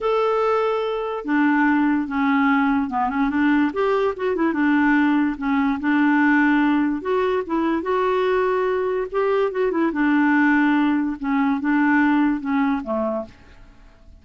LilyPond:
\new Staff \with { instrumentName = "clarinet" } { \time 4/4 \tempo 4 = 145 a'2. d'4~ | d'4 cis'2 b8 cis'8 | d'4 g'4 fis'8 e'8 d'4~ | d'4 cis'4 d'2~ |
d'4 fis'4 e'4 fis'4~ | fis'2 g'4 fis'8 e'8 | d'2. cis'4 | d'2 cis'4 a4 | }